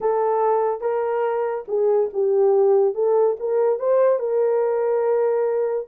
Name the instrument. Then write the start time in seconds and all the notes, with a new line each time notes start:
horn
0.00 A4
0.80 A#4
1.67 G#4
2.13 G4
2.94 A4
3.39 A#4
3.79 C5
4.19 A#4